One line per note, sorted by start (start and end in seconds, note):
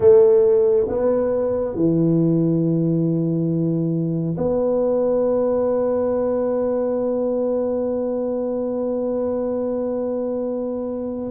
0.00 0.87 A3
0.88 1.75 B3
1.75 4.36 E3
4.37 11.30 B3